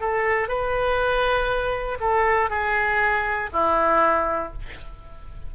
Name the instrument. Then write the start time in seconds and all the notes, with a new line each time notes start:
oboe
0.00 A4
0.48 B4
2.00 A4
2.50 G#4
3.52 E4